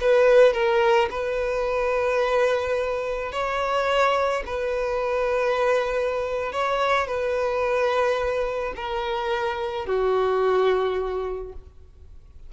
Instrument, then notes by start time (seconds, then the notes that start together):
violin
0.00 B4
0.53 A#4
1.10 B4
3.32 C#5
4.46 B4
6.52 C#5
7.07 B4
8.76 A#4
9.86 F#4